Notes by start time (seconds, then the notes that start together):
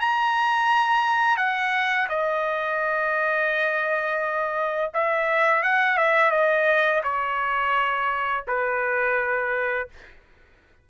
0.00 A#5
1.37 F#5
2.09 D#5
4.94 E5
5.62 F#5
5.97 E5
6.31 D#5
7.03 C#5
8.47 B4